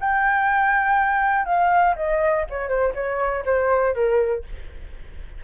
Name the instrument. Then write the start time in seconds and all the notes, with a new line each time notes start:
flute
0.00 G5
1.45 F5
1.95 D#5
2.50 C#5
2.68 C5
2.94 C#5
3.45 C5
3.94 A#4